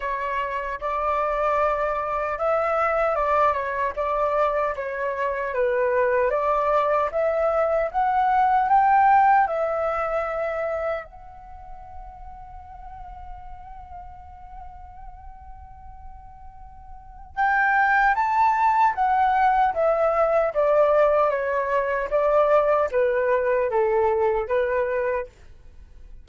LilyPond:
\new Staff \with { instrumentName = "flute" } { \time 4/4 \tempo 4 = 76 cis''4 d''2 e''4 | d''8 cis''8 d''4 cis''4 b'4 | d''4 e''4 fis''4 g''4 | e''2 fis''2~ |
fis''1~ | fis''2 g''4 a''4 | fis''4 e''4 d''4 cis''4 | d''4 b'4 a'4 b'4 | }